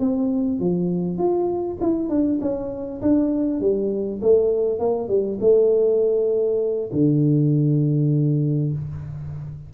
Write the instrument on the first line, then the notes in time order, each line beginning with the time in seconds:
tuba
0.00 C4
0.60 F3
1.18 F4
1.81 E4
2.09 D4
2.42 C#4
3.02 D4
3.61 G3
4.22 A3
4.79 A#3
5.09 G3
5.41 A3
6.93 D3